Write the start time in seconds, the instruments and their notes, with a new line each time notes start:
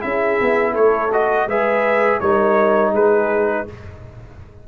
0.00 tuba C#4, trombone E4, horn G#4, trumpet E5
0.41 tuba B3
0.72 tuba A3, horn A4, trumpet C#5
1.12 trombone F#4, trumpet D#5
1.46 tuba G#3, trombone G#4, horn B4, trumpet E5
2.19 tuba G3, trombone D#4, horn A#4, trumpet C#5
2.91 tuba G#3, horn G#4, trumpet B4